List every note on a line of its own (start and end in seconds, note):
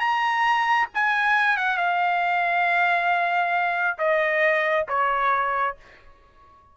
0.00 0.88 A#5
0.94 1.57 G#5
1.57 1.77 F#5
1.77 3.98 F5
3.98 4.87 D#5
4.89 5.77 C#5